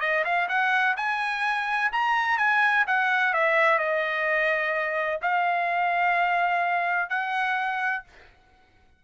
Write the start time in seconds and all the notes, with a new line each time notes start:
0.00 D#5
0.24 F5
0.48 F#5
0.96 G#5
1.92 A#5
2.37 G#5
2.87 F#5
3.33 E5
3.78 D#5
5.22 F5
7.09 F#5